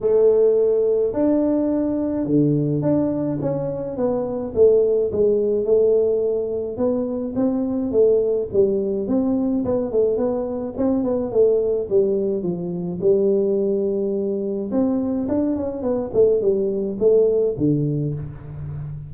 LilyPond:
\new Staff \with { instrumentName = "tuba" } { \time 4/4 \tempo 4 = 106 a2 d'2 | d4 d'4 cis'4 b4 | a4 gis4 a2 | b4 c'4 a4 g4 |
c'4 b8 a8 b4 c'8 b8 | a4 g4 f4 g4~ | g2 c'4 d'8 cis'8 | b8 a8 g4 a4 d4 | }